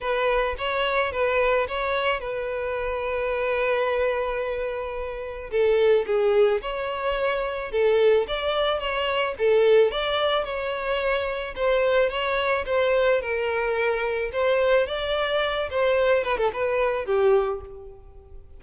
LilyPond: \new Staff \with { instrumentName = "violin" } { \time 4/4 \tempo 4 = 109 b'4 cis''4 b'4 cis''4 | b'1~ | b'2 a'4 gis'4 | cis''2 a'4 d''4 |
cis''4 a'4 d''4 cis''4~ | cis''4 c''4 cis''4 c''4 | ais'2 c''4 d''4~ | d''8 c''4 b'16 a'16 b'4 g'4 | }